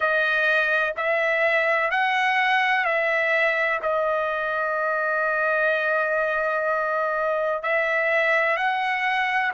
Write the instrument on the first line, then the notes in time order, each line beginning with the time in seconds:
trumpet
0.00 D#5
0.97 E5
1.90 F#5
2.84 E5
3.82 D#5
7.62 E5
8.57 F#5